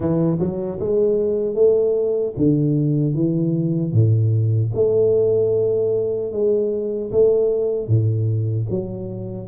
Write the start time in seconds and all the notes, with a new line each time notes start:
0.00 E3
0.39 F#3
0.79 G#3
1.54 A3
2.36 D3
3.14 E3
3.93 A2
4.74 A3
6.32 G#3
7.11 A3
7.87 A2
8.69 F#3